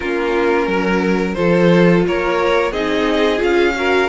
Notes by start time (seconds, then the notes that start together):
0.00 A#3 C#4 F4 A#4
0.67 F#3 A#4
1.33 F3 F4 A4 C5
2.07 A#3 A#4 C#5
2.71 C4 D#4 G#4 D#5
3.38 C#4 F4 F5
3.75 F#4 A#4